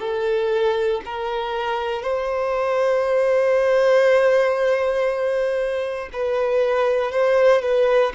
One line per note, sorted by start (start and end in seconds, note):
0.00 1.02 A4
1.05 2.03 A#4
2.03 6.10 C5
6.13 7.12 B4
7.12 7.62 C5
7.62 8.13 B4